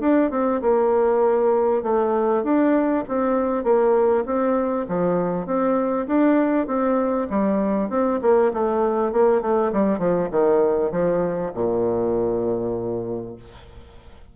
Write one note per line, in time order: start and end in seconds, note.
0.00 0.30 D4
0.31 0.61 C4
0.61 1.82 A#3
1.83 2.43 A3
2.43 3.04 D4
3.08 3.64 C4
3.64 4.24 A#3
4.25 4.86 C4
4.88 5.46 F3
5.46 6.07 C4
6.07 6.67 D4
6.67 7.27 C4
7.30 7.89 G3
7.89 8.20 C4
8.21 8.52 A#3
8.53 9.12 A3
9.12 9.41 A#3
9.41 9.72 A3
9.72 9.99 G3
9.99 10.29 F3
10.31 10.91 D#3
10.91 11.52 F3
11.54 13.36 A#2